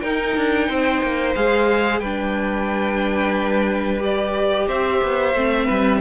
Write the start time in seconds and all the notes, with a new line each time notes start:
0.00 D#4 A#4 G5
0.36 D4
0.67 C4 C5
1.02 A#3
1.35 G#3 G#4 F5
1.99 G3 D4 B4 G5
3.99 G4 D5
4.67 C4 C5 E5
5.02 B3
5.34 A3 C4
5.65 G3 B4